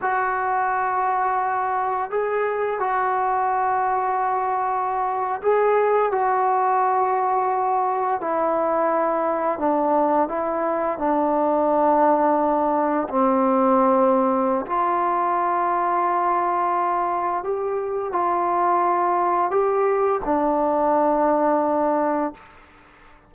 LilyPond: \new Staff \with { instrumentName = "trombone" } { \time 4/4 \tempo 4 = 86 fis'2. gis'4 | fis'2.~ fis'8. gis'16~ | gis'8. fis'2. e'16~ | e'4.~ e'16 d'4 e'4 d'16~ |
d'2~ d'8. c'4~ c'16~ | c'4 f'2.~ | f'4 g'4 f'2 | g'4 d'2. | }